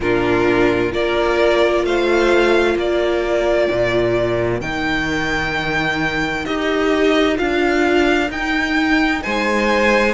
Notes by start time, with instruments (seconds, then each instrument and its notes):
0.00 cello A#2, viola D4, violin F4 A#4
0.91 cello A#3, viola F4, violin A#4 D5
1.84 cello A3, violin C5 F5
2.75 cello A#3, violin A#4 D5
3.71 cello A#2
4.60 cello D#3, viola D#4, violin G5
6.45 cello D#4, viola G4, violin D#5
7.35 cello D4, viola F4, violin F5
8.29 cello D#4, viola D#4, violin G5
9.22 cello G#3, violin C5 G#5